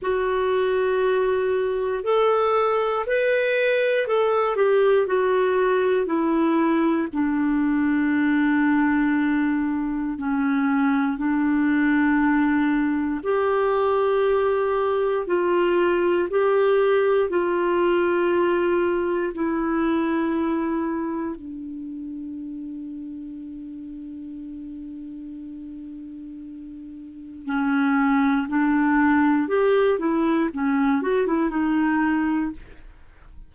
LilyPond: \new Staff \with { instrumentName = "clarinet" } { \time 4/4 \tempo 4 = 59 fis'2 a'4 b'4 | a'8 g'8 fis'4 e'4 d'4~ | d'2 cis'4 d'4~ | d'4 g'2 f'4 |
g'4 f'2 e'4~ | e'4 d'2.~ | d'2. cis'4 | d'4 g'8 e'8 cis'8 fis'16 e'16 dis'4 | }